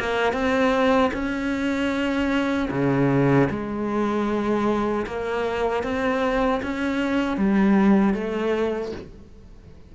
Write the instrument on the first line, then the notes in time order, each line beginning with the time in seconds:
cello
0.00 A#3
0.33 C4
1.14 C#4
2.71 C#3
3.51 G#3
5.07 A#3
5.84 C4
6.63 C#4
7.38 G3
8.15 A3